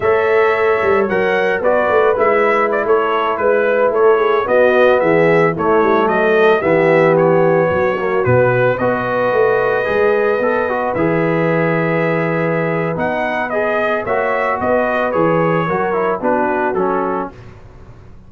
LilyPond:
<<
  \new Staff \with { instrumentName = "trumpet" } { \time 4/4 \tempo 4 = 111 e''2 fis''4 d''4 | e''4 d''16 cis''4 b'4 cis''8.~ | cis''16 dis''4 e''4 cis''4 dis''8.~ | dis''16 e''4 cis''2 b'8.~ |
b'16 dis''2.~ dis''8.~ | dis''16 e''2.~ e''8. | fis''4 dis''4 e''4 dis''4 | cis''2 b'4 a'4 | }
  \new Staff \with { instrumentName = "horn" } { \time 4/4 cis''2. b'4~ | b'4~ b'16 a'4 b'4 a'8 gis'16~ | gis'16 fis'4 gis'4 e'4 a'8.~ | a'16 g'2 fis'4.~ fis'16~ |
fis'16 b'2.~ b'8.~ | b'1~ | b'2 cis''4 b'4~ | b'4 ais'4 fis'2 | }
  \new Staff \with { instrumentName = "trombone" } { \time 4/4 a'2 ais'4 fis'4 | e'1~ | e'16 b2 a4.~ a16~ | a16 b2~ b8 ais8 b8.~ |
b16 fis'2 gis'4 a'8 fis'16~ | fis'16 gis'2.~ gis'8. | dis'4 gis'4 fis'2 | gis'4 fis'8 e'8 d'4 cis'4 | }
  \new Staff \with { instrumentName = "tuba" } { \time 4/4 a4. g8 fis4 b8 a8 | gis4~ gis16 a4 gis4 a8.~ | a16 b4 e4 a8 g8 fis8.~ | fis16 e2 fis4 b,8.~ |
b,16 b4 a4 gis4 b8.~ | b16 e2.~ e8. | b2 ais4 b4 | e4 fis4 b4 fis4 | }
>>